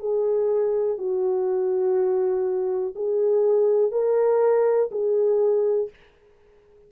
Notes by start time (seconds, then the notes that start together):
0.00 G#4
0.98 F#4
2.96 G#4
3.92 A#4
4.91 G#4